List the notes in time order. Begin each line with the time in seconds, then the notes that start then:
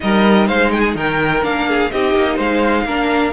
0.00 G3 D#4 A#4 D#5
0.47 G#3 C5 F5
0.72 G#4 G5
0.80 G#5
0.95 D#3 A#4 G5
1.42 A#3 D4 F5
1.68 G#4
1.91 C4 D#4 G4 D#5
2.14 A#3
2.35 G#3 C5 F5
2.84 A#3 D4 A#4